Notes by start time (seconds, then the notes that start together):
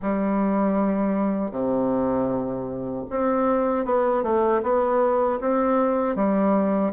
0.02 G3
1.51 C3
3.10 C4
3.85 B3
4.23 A3
4.62 B3
5.40 C4
6.15 G3